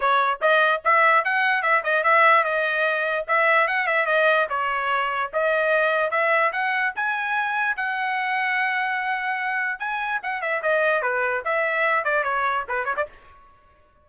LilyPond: \new Staff \with { instrumentName = "trumpet" } { \time 4/4 \tempo 4 = 147 cis''4 dis''4 e''4 fis''4 | e''8 dis''8 e''4 dis''2 | e''4 fis''8 e''8 dis''4 cis''4~ | cis''4 dis''2 e''4 |
fis''4 gis''2 fis''4~ | fis''1 | gis''4 fis''8 e''8 dis''4 b'4 | e''4. d''8 cis''4 b'8 cis''16 d''16 | }